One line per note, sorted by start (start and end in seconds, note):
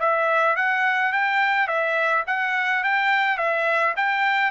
0.00 0.56 E5
0.56 1.13 F#5
1.13 1.68 G5
1.68 2.24 E5
2.27 2.84 F#5
2.84 3.38 G5
3.38 3.95 E5
3.97 4.52 G5